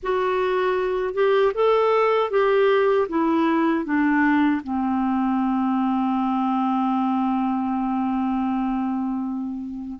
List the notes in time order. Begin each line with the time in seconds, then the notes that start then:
0.02 F#4
1.14 G4
1.54 A4
2.30 G4
3.08 E4
3.85 D4
4.63 C4